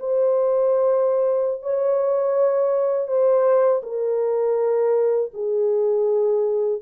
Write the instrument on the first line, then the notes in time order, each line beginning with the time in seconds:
horn
0.00 C5
1.62 C#5
3.08 C5
3.83 A#4
5.34 G#4